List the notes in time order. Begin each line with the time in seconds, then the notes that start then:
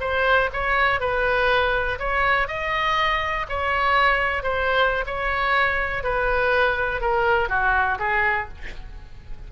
0.00 C5
0.53 C#5
1.00 B4
1.99 C#5
2.48 D#5
3.49 C#5
4.43 C5
5.06 C#5
6.03 B4
7.01 A#4
7.49 F#4
7.99 G#4